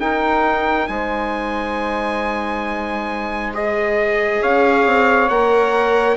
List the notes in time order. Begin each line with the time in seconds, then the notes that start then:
0.00 D#4 A#4 G5
0.88 G#3 C5 G#5
3.54 G#4 D#5
4.41 C#4 C#5 F5
4.86 C4
5.29 A#3 A#4 F#5